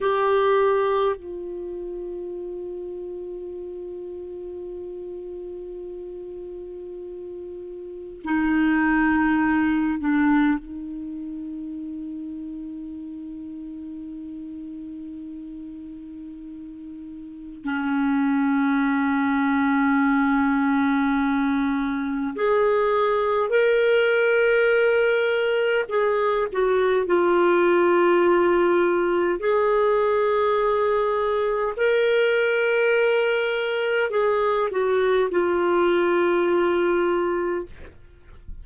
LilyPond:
\new Staff \with { instrumentName = "clarinet" } { \time 4/4 \tempo 4 = 51 g'4 f'2.~ | f'2. dis'4~ | dis'8 d'8 dis'2.~ | dis'2. cis'4~ |
cis'2. gis'4 | ais'2 gis'8 fis'8 f'4~ | f'4 gis'2 ais'4~ | ais'4 gis'8 fis'8 f'2 | }